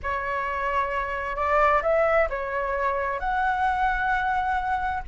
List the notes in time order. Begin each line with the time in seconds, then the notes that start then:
0.02 C#5
1.36 D5
1.82 E5
2.29 C#5
3.19 F#5